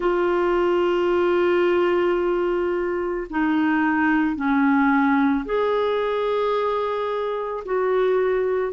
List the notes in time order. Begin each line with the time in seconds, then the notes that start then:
0.00 F4
3.30 D#4
4.35 C#4
5.45 G#4
7.65 F#4